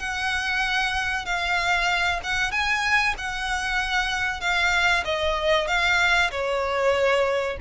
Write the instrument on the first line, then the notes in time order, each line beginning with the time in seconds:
violin
0.00 F#5
1.26 F5
2.24 F#5
2.52 G#5
3.18 F#5
4.41 F5
5.05 D#5
5.68 F5
6.32 C#5